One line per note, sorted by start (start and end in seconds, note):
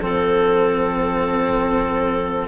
0.00 2.48 F3
0.00 2.48 C4
0.00 2.48 A4